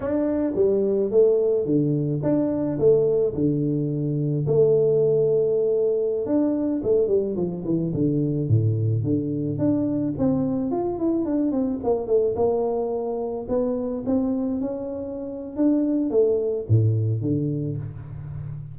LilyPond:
\new Staff \with { instrumentName = "tuba" } { \time 4/4 \tempo 4 = 108 d'4 g4 a4 d4 | d'4 a4 d2 | a2.~ a16 d'8.~ | d'16 a8 g8 f8 e8 d4 a,8.~ |
a,16 d4 d'4 c'4 f'8 e'16~ | e'16 d'8 c'8 ais8 a8 ais4.~ ais16~ | ais16 b4 c'4 cis'4.~ cis'16 | d'4 a4 a,4 d4 | }